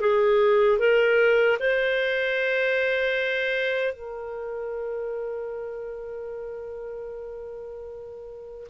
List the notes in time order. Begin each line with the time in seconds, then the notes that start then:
0.00 G#4
0.79 A#4
1.59 C5
3.93 A#4